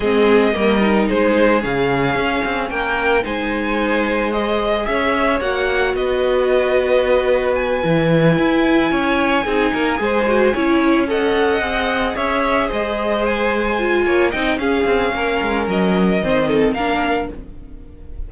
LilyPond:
<<
  \new Staff \with { instrumentName = "violin" } { \time 4/4 \tempo 4 = 111 dis''2 c''4 f''4~ | f''4 g''4 gis''2 | dis''4 e''4 fis''4 dis''4~ | dis''2 gis''2~ |
gis''1~ | gis''8 fis''2 e''4 dis''8~ | dis''8 gis''2 g''8 f''4~ | f''4 dis''2 f''4 | }
  \new Staff \with { instrumentName = "violin" } { \time 4/4 gis'4 ais'4 gis'2~ | gis'4 ais'4 c''2~ | c''4 cis''2 b'4~ | b'1~ |
b'8 cis''4 gis'8 ais'8 c''4 cis''8~ | cis''8 dis''2 cis''4 c''8~ | c''2 cis''8 dis''8 gis'4 | ais'2 c''8 a'8 ais'4 | }
  \new Staff \with { instrumentName = "viola" } { \time 4/4 c'4 ais8 dis'4. cis'4~ | cis'2 dis'2 | gis'2 fis'2~ | fis'2~ fis'8 e'4.~ |
e'4. dis'4 gis'8 fis'8 e'8~ | e'8 a'4 gis'2~ gis'8~ | gis'4. f'4 dis'8 cis'4~ | cis'2 c'4 d'4 | }
  \new Staff \with { instrumentName = "cello" } { \time 4/4 gis4 g4 gis4 cis4 | cis'8 c'8 ais4 gis2~ | gis4 cis'4 ais4 b4~ | b2~ b8 e4 e'8~ |
e'8 cis'4 c'8 ais8 gis4 cis'8~ | cis'4. c'4 cis'4 gis8~ | gis2 ais8 c'8 cis'8 c'8 | ais8 gis8 fis4 dis4 ais4 | }
>>